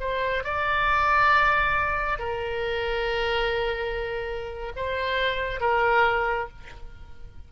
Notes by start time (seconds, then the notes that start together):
0.00 C5
0.44 D5
2.19 A#4
4.76 C5
5.60 A#4